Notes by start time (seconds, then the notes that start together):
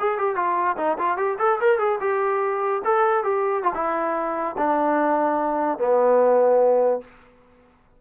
0.00 G#4
0.18 G4
0.36 F4
0.78 D#4
0.99 F4
1.18 G4
1.39 A4
1.61 A#4
1.79 G#4
2.01 G4
2.85 A4
3.24 G4
3.63 F4
3.75 E4
4.58 D4
5.79 B3